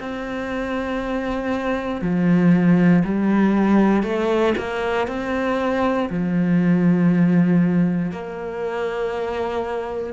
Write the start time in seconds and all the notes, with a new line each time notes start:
0.00 C4
2.02 F3
3.05 G3
4.04 A3
4.59 A#3
5.08 C4
6.10 F3
8.12 A#3